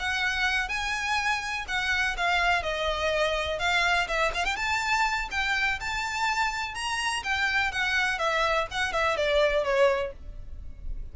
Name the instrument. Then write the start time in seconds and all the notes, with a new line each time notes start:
violin
0.00 F#5
0.69 G#5
1.68 F#5
2.17 F5
2.63 D#5
3.59 F5
4.08 E5
4.35 F5
4.45 G5
4.56 A5
5.31 G5
5.80 A5
6.75 A#5
7.24 G5
7.72 F#5
8.19 E5
8.71 F#5
8.93 E5
9.17 D5
9.65 C#5